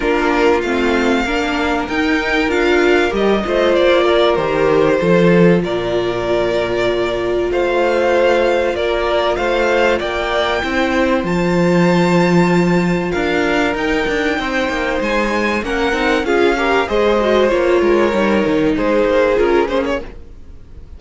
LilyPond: <<
  \new Staff \with { instrumentName = "violin" } { \time 4/4 \tempo 4 = 96 ais'4 f''2 g''4 | f''4 dis''4 d''4 c''4~ | c''4 d''2. | f''2 d''4 f''4 |
g''2 a''2~ | a''4 f''4 g''2 | gis''4 fis''4 f''4 dis''4 | cis''2 c''4 ais'8 c''16 cis''16 | }
  \new Staff \with { instrumentName = "violin" } { \time 4/4 f'2 ais'2~ | ais'4. c''4 ais'4. | a'4 ais'2. | c''2 ais'4 c''4 |
d''4 c''2.~ | c''4 ais'2 c''4~ | c''4 ais'4 gis'8 ais'8 c''4~ | c''8 ais'4. gis'2 | }
  \new Staff \with { instrumentName = "viola" } { \time 4/4 d'4 c'4 d'4 dis'4 | f'4 g'8 f'4. g'4 | f'1~ | f'1~ |
f'4 e'4 f'2~ | f'2 dis'2~ | dis'4 cis'8 dis'8 f'8 g'8 gis'8 fis'8 | f'4 dis'2 f'8 cis'8 | }
  \new Staff \with { instrumentName = "cello" } { \time 4/4 ais4 a4 ais4 dis'4 | d'4 g8 a8 ais4 dis4 | f4 ais,2. | a2 ais4 a4 |
ais4 c'4 f2~ | f4 d'4 dis'8 d'8 c'8 ais8 | gis4 ais8 c'8 cis'4 gis4 | ais8 gis8 g8 dis8 gis8 ais8 cis'8 ais8 | }
>>